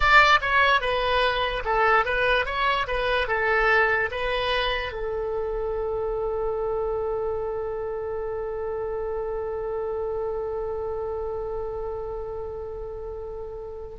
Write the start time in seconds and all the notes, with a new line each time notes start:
0.00 D5
0.41 C#5
0.80 B4
1.64 A4
2.05 B4
2.45 C#5
2.87 B4
3.27 A4
4.11 B4
4.92 A4